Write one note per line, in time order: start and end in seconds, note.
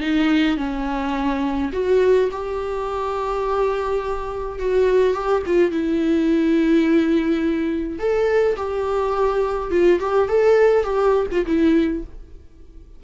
0.00 0.57 D#4
0.57 1.71 C#4
1.72 2.30 F#4
2.31 4.59 G4
4.59 5.14 F#4
5.14 5.42 G4
5.46 5.71 F4
5.71 7.99 E4
7.99 8.56 A4
8.56 9.71 G4
9.71 9.99 F4
10.00 10.28 G4
10.28 10.83 A4
10.83 11.26 G4
11.31 11.45 F4
11.46 12.03 E4